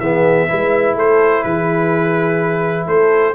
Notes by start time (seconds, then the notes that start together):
0.00 E3 B3 G#4 E5
0.49 G#3 E4 B4
0.95 A3 A4 C5
1.43 E3 G#4 B4
2.87 A3 A4 C5